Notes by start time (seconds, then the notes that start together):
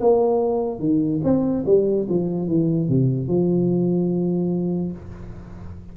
0.00 A#3
0.79 D#3
1.23 C4
1.66 G3
2.09 F3
2.47 E3
2.88 C3
3.27 F3